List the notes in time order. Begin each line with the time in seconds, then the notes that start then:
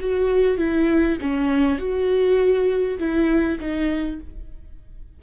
0.00 F#4
0.58 E4
1.21 C#4
1.78 F#4
2.99 E4
3.59 D#4